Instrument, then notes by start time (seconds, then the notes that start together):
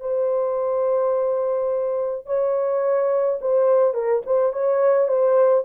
horn
0.00 C5
2.26 C#5
3.41 C5
3.94 A#4
4.26 C5
4.53 C#5
5.08 C5